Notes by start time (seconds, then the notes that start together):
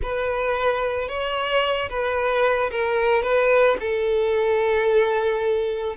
0.02 B4
1.08 C#5
1.89 B4
2.71 A#4
3.22 B4
3.80 A4